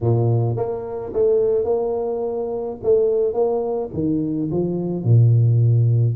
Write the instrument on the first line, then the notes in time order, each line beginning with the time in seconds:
tuba
0.01 A#2
0.56 A#3
1.13 A3
1.64 A#3
2.83 A3
3.33 A#3
3.93 D#3
4.51 F3
5.04 A#2